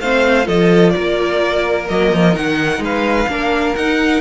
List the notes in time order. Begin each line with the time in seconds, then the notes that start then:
0.00 A3 C4 C5 F5
0.44 F3 F4 A4 D#5
0.90 A#4 D5
0.96 A#3
1.88 F#3 A#3 D#5
2.12 F3
2.33 D#3 D#4 F#5
2.79 G#3 B4 F5
3.27 A#3 D4 A#4
3.75 D#4 F#5